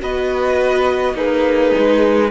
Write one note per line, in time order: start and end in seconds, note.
0.00 1.13 B3
0.00 1.15 F#4
0.00 1.14 B4
0.00 1.17 D#5
1.13 1.71 A#3
1.13 2.30 D#4
1.13 2.30 G#4
1.13 2.30 B4
1.77 2.30 G#3